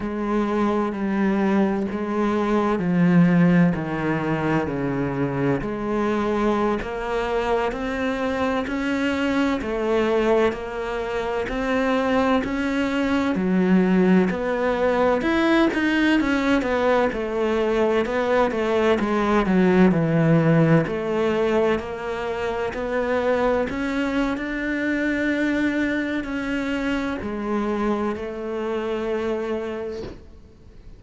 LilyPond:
\new Staff \with { instrumentName = "cello" } { \time 4/4 \tempo 4 = 64 gis4 g4 gis4 f4 | dis4 cis4 gis4~ gis16 ais8.~ | ais16 c'4 cis'4 a4 ais8.~ | ais16 c'4 cis'4 fis4 b8.~ |
b16 e'8 dis'8 cis'8 b8 a4 b8 a16~ | a16 gis8 fis8 e4 a4 ais8.~ | ais16 b4 cis'8. d'2 | cis'4 gis4 a2 | }